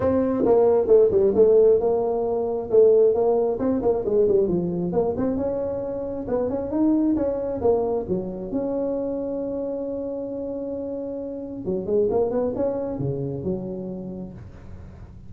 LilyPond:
\new Staff \with { instrumentName = "tuba" } { \time 4/4 \tempo 4 = 134 c'4 ais4 a8 g8 a4 | ais2 a4 ais4 | c'8 ais8 gis8 g8 f4 ais8 c'8 | cis'2 b8 cis'8 dis'4 |
cis'4 ais4 fis4 cis'4~ | cis'1~ | cis'2 fis8 gis8 ais8 b8 | cis'4 cis4 fis2 | }